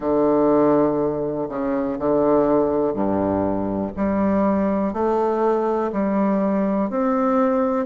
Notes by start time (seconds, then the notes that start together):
0.00 D3
1.48 C#3
1.99 D3
2.93 G2
3.96 G3
4.93 A3
5.92 G3
6.90 C4